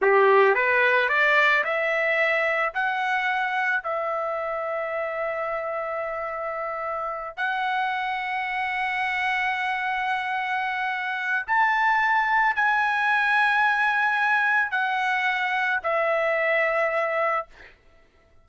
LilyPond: \new Staff \with { instrumentName = "trumpet" } { \time 4/4 \tempo 4 = 110 g'4 b'4 d''4 e''4~ | e''4 fis''2 e''4~ | e''1~ | e''4. fis''2~ fis''8~ |
fis''1~ | fis''4 a''2 gis''4~ | gis''2. fis''4~ | fis''4 e''2. | }